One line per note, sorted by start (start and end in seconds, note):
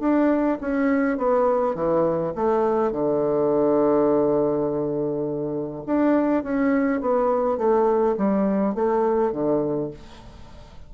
0.00 0.58 D4
0.61 1.18 C#4
1.18 1.75 B3
1.75 2.34 E3
2.36 2.92 A3
2.92 5.84 D3
5.86 6.43 D4
6.43 7.01 C#4
7.01 7.58 B3
7.58 8.16 A3
8.18 8.75 G3
8.75 9.33 A3
9.33 9.91 D3